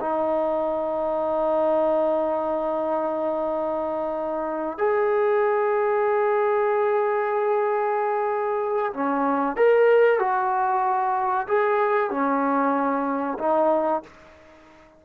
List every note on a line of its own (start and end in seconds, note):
0.00 4.77 D#4
4.77 8.92 G#4
8.93 9.56 C#4
9.56 10.19 A#4
10.19 11.46 F#4
11.47 12.10 G#4
12.10 13.38 C#4
13.38 14.02 D#4